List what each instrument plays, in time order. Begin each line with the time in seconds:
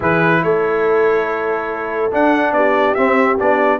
0.00 tuba E3, trombone E4, horn G#4, trumpet B4
0.43 tuba A3, horn A4, trumpet C#5
2.11 trombone D4, tuba D4, trumpet F#5
2.52 tuba B3, horn G4, trumpet D5
2.94 trombone C4, tuba C4, trumpet E5
3.39 tuba B3, trombone D4, trumpet D5